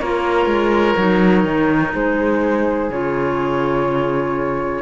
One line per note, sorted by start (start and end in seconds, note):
0.00 0.46 A#3
0.00 0.98 F4
0.00 1.94 A#4
0.00 1.94 C#5
0.46 0.95 G#3
0.97 1.45 F#3
0.97 2.91 D#4
1.45 1.93 D#3
1.94 2.90 G#3
1.94 4.82 G#4
1.94 2.91 C5
2.90 4.82 C#3
2.90 4.82 F4
2.90 4.82 C#5